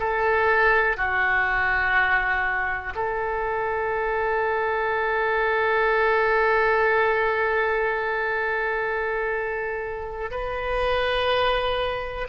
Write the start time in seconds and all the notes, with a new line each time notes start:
0.00 A4
0.97 F#4
2.96 A4
10.31 B4